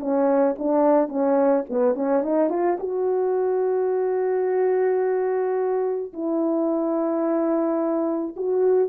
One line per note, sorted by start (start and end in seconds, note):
0.00 0.56 C#4
0.58 1.08 D4
1.08 1.64 C#4
1.70 1.95 B3
1.95 2.23 C#4
2.23 2.50 D#4
2.50 2.78 F4
2.80 6.13 F#4
6.13 8.36 E4
8.36 8.89 F#4